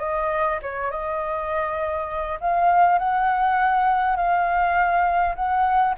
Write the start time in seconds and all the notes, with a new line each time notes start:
0.00 D#5
0.63 C#5
0.91 D#5
2.41 F5
2.99 F#5
4.17 F5
5.36 F#5